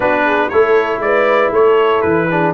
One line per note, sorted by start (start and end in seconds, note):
0.00 0.50 B3
0.00 0.50 D4
0.00 0.24 F#4
0.00 0.49 B4
0.24 0.50 G#4
0.49 0.99 A3
0.49 2.30 E4
0.49 1.02 A4
0.49 1.00 C#5
0.99 1.49 G#3
0.99 1.52 B4
0.99 1.51 D5
1.51 2.02 A3
1.51 2.28 A4
1.51 2.01 C#5
2.01 2.54 E3
2.01 2.52 B4
2.30 2.54 D4
2.30 2.54 G#4